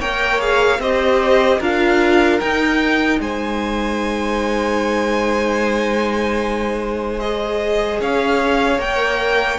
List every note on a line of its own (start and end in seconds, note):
0.00 0.80 A#3
0.00 0.40 A#4
0.00 0.80 C#5
0.00 0.41 G5
0.40 0.80 G#4
0.40 0.81 F5
0.80 1.60 C4
0.80 1.62 G4
0.80 1.60 C5
0.80 1.61 D#5
1.60 2.41 D4
1.60 2.42 F4
1.60 3.20 A#4
1.60 2.40 F5
2.40 3.20 D#4
2.40 7.20 D#4
2.40 3.20 G5
3.20 8.00 G#3
3.20 8.01 C5
3.20 7.20 G#5
7.20 8.79 G#4
7.20 8.00 D#5
8.01 8.79 C#4
8.01 9.59 C#5
8.01 8.81 F5
8.79 9.59 A#3
8.79 9.59 A#4
8.79 9.59 G5